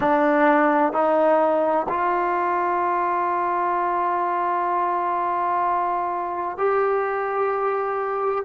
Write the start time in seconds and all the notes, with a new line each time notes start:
0.00 D4
0.92 D#4
1.88 F4
6.57 G4